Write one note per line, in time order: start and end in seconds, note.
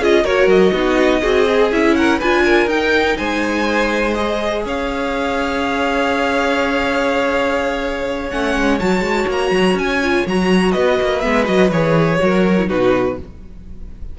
0.00 0.25 C#4
0.00 0.25 F4
0.00 0.23 G#4
0.00 0.24 D#5
0.23 0.46 A#3
0.23 0.74 F#4
0.23 0.72 A#4
0.23 0.49 C#5
0.46 0.71 F#3
0.46 1.71 D#5
0.72 1.22 B3
0.72 1.21 D#4
0.72 1.21 F#4
1.21 1.71 C4
1.21 1.46 F#4
1.21 1.94 G#4
1.47 1.71 G#4
1.71 2.20 C#4
1.71 2.20 E4
1.71 1.95 E5
1.95 2.18 A#4
1.95 2.19 F#5
2.18 2.66 D4
2.18 2.68 F4
2.18 2.43 B4
2.18 2.68 G#5
2.44 3.16 A#4
2.66 3.15 D#4
2.66 4.14 D#4
2.66 3.17 G5
3.16 4.65 G#3
3.16 4.63 C5
3.16 4.14 G#5
4.14 8.29 G#4
4.14 4.62 D#5
4.65 8.31 C#4
4.65 10.71 C#5
4.65 8.29 F5
8.29 8.55 A3
8.29 8.79 C#4
8.29 8.78 F#5
8.55 8.80 G#3
8.79 9.00 F#3
8.79 10.01 F#4
8.79 9.28 A5
9.00 9.25 G#3
9.27 9.50 A#3
9.27 9.78 A#5
9.50 9.74 F#3
9.74 10.23 C#4
9.74 10.27 G#5
10.03 10.27 F4
10.26 10.75 F#3
10.26 11.21 F#4
10.26 10.71 A#5
10.71 10.99 B3
10.71 12.17 B4
10.71 11.20 D#5
11.01 11.24 A#3
11.20 11.48 G#3
11.20 11.44 B3
11.20 11.44 E5
11.44 11.70 F#3
11.44 11.68 F#4
11.44 11.70 D#5
11.70 12.19 E3
11.70 12.19 G#4
11.70 12.68 C#5
12.19 12.70 F#3
12.19 12.55 F#4
12.19 12.68 A#4
12.58 12.67 E4
12.67 13.19 B2
12.67 13.16 D#4
12.67 13.17 F#4
12.67 13.18 B4